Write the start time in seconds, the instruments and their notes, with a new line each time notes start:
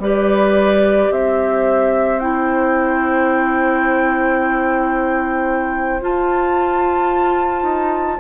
0.00 bassoon G3, clarinet G4, oboe B4, flute D5
1.11 bassoon C4, oboe C5, flute E5
2.20 clarinet E4, flute G5
6.01 clarinet F4, bassoon F4, flute A5
7.63 bassoon D#4